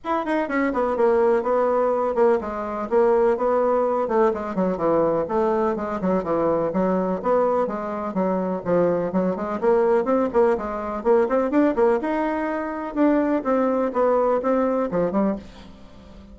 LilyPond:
\new Staff \with { instrumentName = "bassoon" } { \time 4/4 \tempo 4 = 125 e'8 dis'8 cis'8 b8 ais4 b4~ | b8 ais8 gis4 ais4 b4~ | b8 a8 gis8 fis8 e4 a4 | gis8 fis8 e4 fis4 b4 |
gis4 fis4 f4 fis8 gis8 | ais4 c'8 ais8 gis4 ais8 c'8 | d'8 ais8 dis'2 d'4 | c'4 b4 c'4 f8 g8 | }